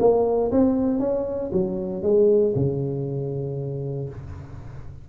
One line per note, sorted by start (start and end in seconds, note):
0.00 0.51 A#3
0.52 1.00 C4
1.00 1.51 C#4
1.53 2.03 F#3
2.03 2.54 G#3
2.56 4.10 C#3